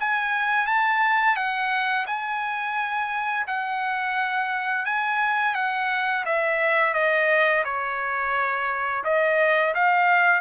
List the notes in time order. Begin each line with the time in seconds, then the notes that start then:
0.00 G#5
0.67 A5
1.36 F#5
2.07 G#5
3.48 F#5
4.86 G#5
5.55 F#5
6.26 E5
6.94 D#5
7.65 C#5
9.04 D#5
9.75 F5